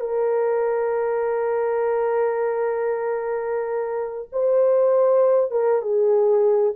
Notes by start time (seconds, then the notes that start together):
0.00 A#4
4.32 C5
5.51 A#4
5.82 G#4